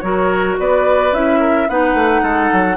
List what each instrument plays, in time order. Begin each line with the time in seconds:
0.00 bassoon F#3, clarinet F#4, oboe A#4, flute C#5
0.58 bassoon B3, oboe B4, flute D5
1.12 bassoon C#4, clarinet E4, flute E5
1.40 oboe A#4
1.68 bassoon B3, clarinet D#4, oboe B4, flute F#5
1.94 bassoon A3
2.22 bassoon G#3, oboe A4
2.52 bassoon F#3